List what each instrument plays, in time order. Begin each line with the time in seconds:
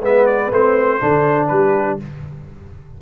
0.00 tuba G#3, trombone B3, horn B4, trumpet E5
0.26 trumpet D5
0.51 tuba A3, trombone C4, trumpet C5
1.00 tuba D3, trombone D4, horn A4
1.48 tuba G3, horn G4, trumpet B4